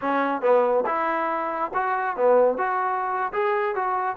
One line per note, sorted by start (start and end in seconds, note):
0.01 0.41 C#4
0.41 0.84 B3
0.86 1.71 E4
1.74 2.16 F#4
2.16 2.57 B3
2.57 3.32 F#4
3.32 3.75 G#4
3.75 4.16 F#4